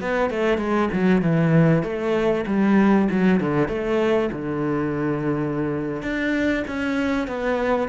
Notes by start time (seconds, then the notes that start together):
0.00 B3
0.30 A3
0.58 G#3
0.93 F#3
1.21 E3
1.83 A3
2.46 G3
3.11 F#3
3.40 D3
3.68 A3
4.32 D3
6.02 D4
6.67 C#4
7.27 B3